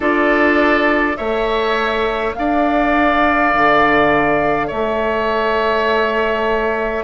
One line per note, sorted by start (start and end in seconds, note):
0.00 1.16 D4
0.00 1.17 F4
0.00 1.17 A4
0.00 1.16 D5
1.16 2.36 A3
1.16 7.03 A4
1.16 2.34 C#5
1.16 2.34 E5
2.34 3.53 D4
2.34 4.67 D5
2.34 4.69 F5
3.53 4.71 D3
4.67 7.03 A3
4.67 7.02 C#5
4.67 7.03 E5